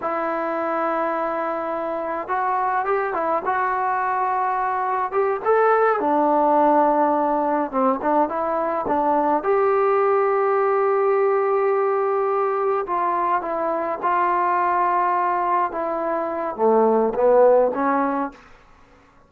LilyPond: \new Staff \with { instrumentName = "trombone" } { \time 4/4 \tempo 4 = 105 e'1 | fis'4 g'8 e'8 fis'2~ | fis'4 g'8 a'4 d'4.~ | d'4. c'8 d'8 e'4 d'8~ |
d'8 g'2.~ g'8~ | g'2~ g'8 f'4 e'8~ | e'8 f'2. e'8~ | e'4 a4 b4 cis'4 | }